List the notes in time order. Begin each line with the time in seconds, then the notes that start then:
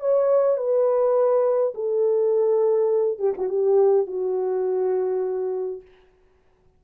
0.00 C#5
0.57 B4
1.74 A4
3.19 G4
3.37 F#4
3.48 G4
4.07 F#4